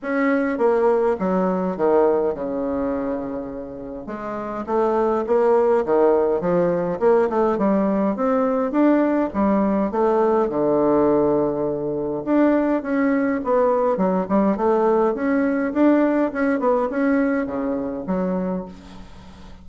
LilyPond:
\new Staff \with { instrumentName = "bassoon" } { \time 4/4 \tempo 4 = 103 cis'4 ais4 fis4 dis4 | cis2. gis4 | a4 ais4 dis4 f4 | ais8 a8 g4 c'4 d'4 |
g4 a4 d2~ | d4 d'4 cis'4 b4 | fis8 g8 a4 cis'4 d'4 | cis'8 b8 cis'4 cis4 fis4 | }